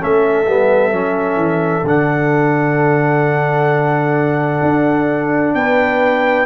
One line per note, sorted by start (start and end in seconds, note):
0.00 0.48 A3
0.00 0.46 C#4
0.00 5.55 A4
0.00 1.87 E5
0.47 0.93 G3
0.47 0.92 B3
0.92 1.37 F#3
0.92 1.85 C#4
1.37 1.83 E3
1.84 4.61 D3
1.84 6.47 D4
1.84 5.55 F#5
4.63 5.55 D4
5.55 6.47 B3
5.55 6.47 B4
5.55 6.47 G5